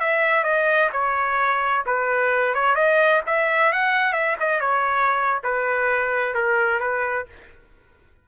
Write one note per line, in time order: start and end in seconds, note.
0.00 0.44 E5
0.44 0.90 D#5
0.92 1.85 C#5
1.86 2.54 B4
2.54 2.75 C#5
2.75 3.22 D#5
3.26 3.73 E5
3.73 4.13 F#5
4.13 4.36 E5
4.40 4.60 D#5
4.60 5.41 C#5
5.44 6.34 B4
6.34 6.80 A#4
6.80 7.26 B4